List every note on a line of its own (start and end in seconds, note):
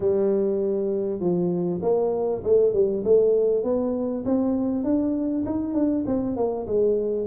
0.00 1.20 G3
1.20 1.80 F3
1.82 2.42 A#3
2.43 2.73 A3
2.73 3.03 G3
3.04 3.63 A3
3.63 4.24 B3
4.25 4.83 C4
4.83 5.44 D4
5.45 5.74 D#4
5.74 6.04 D4
6.06 6.36 C4
6.36 6.66 A#3
6.66 7.26 G#3